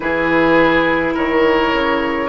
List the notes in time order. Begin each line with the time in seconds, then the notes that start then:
0.00 E3 E4 G#4 B4
1.14 D#3 A#4 C#5
1.73 C#3